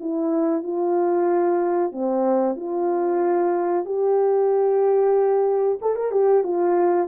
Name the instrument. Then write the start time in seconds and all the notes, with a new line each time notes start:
horn
0.00 E4
0.63 F4
1.92 C4
2.56 F4
3.85 G4
5.82 A4
5.95 A#4
6.11 G4
6.44 F4